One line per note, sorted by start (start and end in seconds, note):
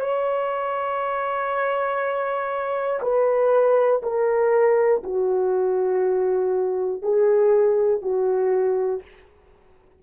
0.00 3.00 C#5
3.02 4.02 B4
4.03 5.03 A#4
5.03 7.02 F#4
7.02 8.01 G#4
8.01 9.01 F#4